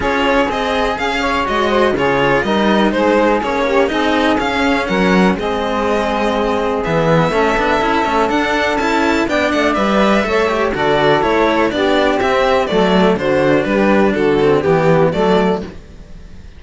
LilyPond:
<<
  \new Staff \with { instrumentName = "violin" } { \time 4/4 \tempo 4 = 123 cis''4 dis''4 f''4 dis''4 | cis''4 dis''4 c''4 cis''4 | dis''4 f''4 fis''4 dis''4~ | dis''2 e''2~ |
e''4 fis''4 a''4 g''8 fis''8 | e''2 d''4 cis''4 | d''4 e''4 d''4 c''4 | b'4 a'4 g'4 d''4 | }
  \new Staff \with { instrumentName = "saxophone" } { \time 4/4 gis'2~ gis'8 cis''4 c''8 | gis'4 ais'4 gis'4. g'8 | gis'2 ais'4 gis'4~ | gis'2. a'4~ |
a'2. d''4~ | d''4 cis''4 a'2 | g'2 a'4 fis'4 | g'4 fis'4 g'4 a'4 | }
  \new Staff \with { instrumentName = "cello" } { \time 4/4 f'4 gis'2 fis'4 | f'4 dis'2 cis'4 | dis'4 cis'2 c'4~ | c'2 b4 cis'8 d'8 |
e'8 cis'8 d'4 e'4 d'4 | b'4 a'8 g'8 fis'4 e'4 | d'4 c'4 a4 d'4~ | d'4. c'8 b4 a4 | }
  \new Staff \with { instrumentName = "cello" } { \time 4/4 cis'4 c'4 cis'4 gis4 | cis4 g4 gis4 ais4 | c'4 cis'4 fis4 gis4~ | gis2 e4 a8 b8 |
cis'8 a8 d'4 cis'4 b8 a8 | g4 a4 d4 a4 | b4 c'4 fis4 d4 | g4 d4 e4 fis4 | }
>>